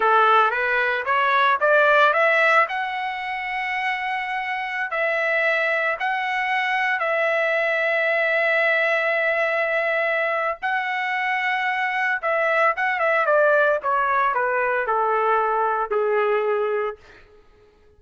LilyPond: \new Staff \with { instrumentName = "trumpet" } { \time 4/4 \tempo 4 = 113 a'4 b'4 cis''4 d''4 | e''4 fis''2.~ | fis''4~ fis''16 e''2 fis''8.~ | fis''4~ fis''16 e''2~ e''8.~ |
e''1 | fis''2. e''4 | fis''8 e''8 d''4 cis''4 b'4 | a'2 gis'2 | }